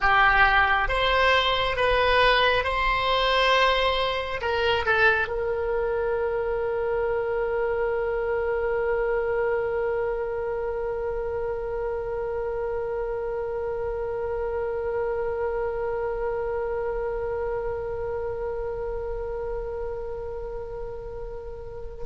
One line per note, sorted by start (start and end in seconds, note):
0.00 0.88 G4
0.88 1.76 C5
1.76 2.64 B4
2.64 4.40 C5
4.41 4.85 A#4
4.85 5.27 A4
5.27 22.04 A#4